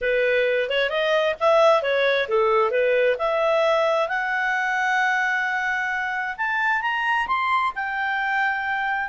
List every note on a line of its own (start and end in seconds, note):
0.01 0.69 B4
0.69 0.89 C#5
0.89 1.35 D#5
1.40 1.82 E5
1.82 2.27 C#5
2.28 2.70 A4
2.70 3.16 B4
3.18 4.08 E5
4.08 6.35 F#5
6.37 6.81 A5
6.81 7.26 A#5
7.27 7.73 C6
7.75 9.08 G5